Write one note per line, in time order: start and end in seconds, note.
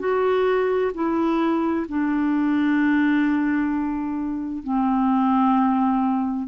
0.00 0.92 F#4
0.94 1.87 E4
1.89 4.64 D4
4.64 6.48 C4